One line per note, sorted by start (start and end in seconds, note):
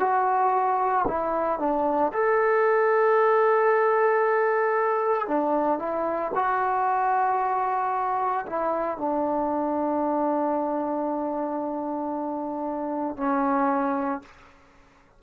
0.00 1.05 F#4
1.07 1.59 E4
1.59 2.12 D4
2.13 5.28 A4
5.28 5.79 D4
5.79 6.32 E4
6.35 8.45 F#4
8.47 8.98 E4
8.98 13.17 D4
13.17 14.22 C#4